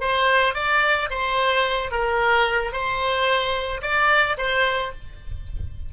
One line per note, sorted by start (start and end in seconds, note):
0.00 0.54 C5
0.54 1.09 D5
1.10 1.91 C5
1.91 2.72 A#4
2.72 3.81 C5
3.82 4.37 D5
4.37 4.92 C5